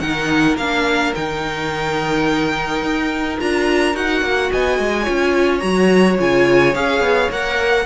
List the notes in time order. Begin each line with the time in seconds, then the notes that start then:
0.00 D#3 D#4 A#4 F#5
0.57 A#3 D4 F5
1.15 D#3 D#4 G5
2.82 D#4
3.39 D4 F4 A#5
3.94 D#4 F#4 F#5
4.22 A#3
4.51 B3 D#5 G#5
4.79 G#3
5.04 C#4 F4 C#5
5.60 F#3 F#4 A#5
6.18 C#3 F4 G#5
6.75 C#4 G#4 F5
7.00 B3
7.31 A#3 A#4 F#5